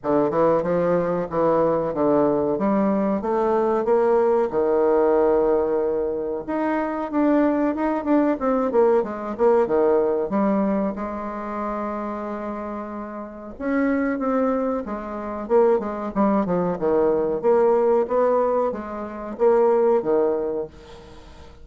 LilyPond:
\new Staff \with { instrumentName = "bassoon" } { \time 4/4 \tempo 4 = 93 d8 e8 f4 e4 d4 | g4 a4 ais4 dis4~ | dis2 dis'4 d'4 | dis'8 d'8 c'8 ais8 gis8 ais8 dis4 |
g4 gis2.~ | gis4 cis'4 c'4 gis4 | ais8 gis8 g8 f8 dis4 ais4 | b4 gis4 ais4 dis4 | }